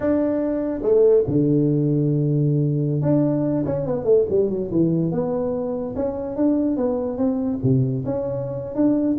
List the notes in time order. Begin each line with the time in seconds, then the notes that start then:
0.00 D4
0.82 A3
1.27 D3
3.01 D4
3.65 C#4
3.86 B3
4.04 A3
4.29 G3
4.49 F#3
4.71 E3
5.11 B3
5.95 C#4
6.36 D4
6.76 B3
7.17 C4
7.63 C3
8.05 C#4
8.75 D4